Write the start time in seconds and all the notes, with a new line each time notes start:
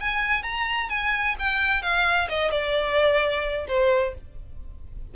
0.00 G#5
0.43 A#5
0.89 G#5
1.39 G5
1.82 F5
2.29 D#5
2.51 D5
3.68 C5